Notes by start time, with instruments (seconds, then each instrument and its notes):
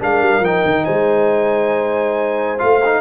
0.00 tuba G#3, trombone D4, horn A#4, trumpet F5
0.21 tuba G3
0.40 tuba F3, trombone D#4, trumpet G5
0.65 tuba D#3
0.85 tuba G#3, horn C5, trumpet G#5
2.58 tuba A3, trombone F4, trumpet F5
2.85 trombone D#4